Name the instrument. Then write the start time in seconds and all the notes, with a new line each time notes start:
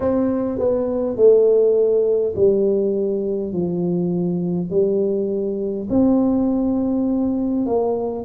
tuba
0.00 C4
0.58 B3
1.16 A3
2.35 G3
3.52 F3
4.70 G3
5.89 C4
7.65 A#3